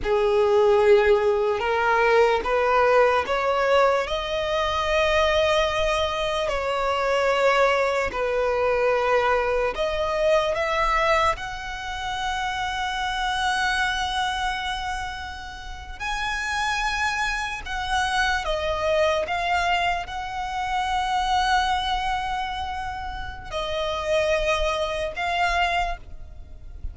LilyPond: \new Staff \with { instrumentName = "violin" } { \time 4/4 \tempo 4 = 74 gis'2 ais'4 b'4 | cis''4 dis''2. | cis''2 b'2 | dis''4 e''4 fis''2~ |
fis''2.~ fis''8. gis''16~ | gis''4.~ gis''16 fis''4 dis''4 f''16~ | f''8. fis''2.~ fis''16~ | fis''4 dis''2 f''4 | }